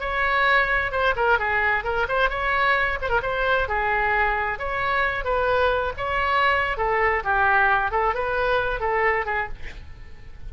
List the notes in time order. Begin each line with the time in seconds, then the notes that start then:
0.00 C#5
0.92 C5
1.16 A#4
1.39 G#4
1.84 A#4
2.08 C5
2.29 C#5
3.02 C5
3.09 A#4
3.22 C5
3.68 G#4
4.59 C#5
5.24 B4
5.97 C#5
6.77 A4
7.24 G4
7.91 A4
8.15 B4
8.80 A4
9.26 G#4